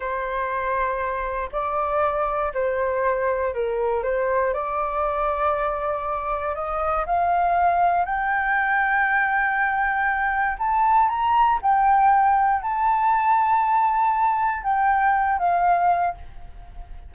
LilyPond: \new Staff \with { instrumentName = "flute" } { \time 4/4 \tempo 4 = 119 c''2. d''4~ | d''4 c''2 ais'4 | c''4 d''2.~ | d''4 dis''4 f''2 |
g''1~ | g''4 a''4 ais''4 g''4~ | g''4 a''2.~ | a''4 g''4. f''4. | }